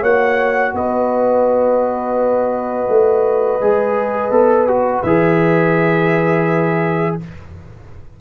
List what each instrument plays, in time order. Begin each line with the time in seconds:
0.00 tuba A#3, trombone F#4, horn C#5, trumpet F#5
0.73 tuba B3, horn B4, trumpet D#5
2.88 tuba A3
3.61 tuba G#3, trombone G#4
4.30 tuba B3, trombone A4
4.67 trombone F#4
5.02 tuba E3, trombone G#4, trumpet E5